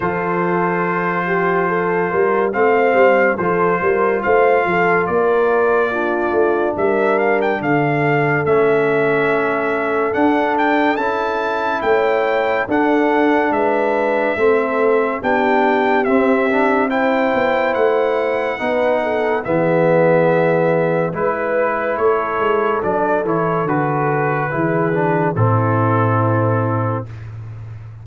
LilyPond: <<
  \new Staff \with { instrumentName = "trumpet" } { \time 4/4 \tempo 4 = 71 c''2. f''4 | c''4 f''4 d''2 | e''8 f''16 g''16 f''4 e''2 | fis''8 g''8 a''4 g''4 fis''4 |
e''2 g''4 e''4 | g''4 fis''2 e''4~ | e''4 b'4 cis''4 d''8 cis''8 | b'2 a'2 | }
  \new Staff \with { instrumentName = "horn" } { \time 4/4 a'4. g'8 a'8 ais'8 c''4 | a'8 ais'8 c''8 a'8 ais'4 f'4 | ais'4 a'2.~ | a'2 cis''4 a'4 |
b'4 a'4 g'2 | c''2 b'8 a'8 gis'4~ | gis'4 b'4 a'2~ | a'4 gis'4 e'2 | }
  \new Staff \with { instrumentName = "trombone" } { \time 4/4 f'2. c'4 | f'2. d'4~ | d'2 cis'2 | d'4 e'2 d'4~ |
d'4 c'4 d'4 c'8 d'8 | e'2 dis'4 b4~ | b4 e'2 d'8 e'8 | fis'4 e'8 d'8 c'2 | }
  \new Staff \with { instrumentName = "tuba" } { \time 4/4 f2~ f8 g8 a8 g8 | f8 g8 a8 f8 ais4. a8 | g4 d4 a2 | d'4 cis'4 a4 d'4 |
gis4 a4 b4 c'4~ | c'8 b8 a4 b4 e4~ | e4 gis4 a8 gis8 fis8 e8 | d4 e4 a,2 | }
>>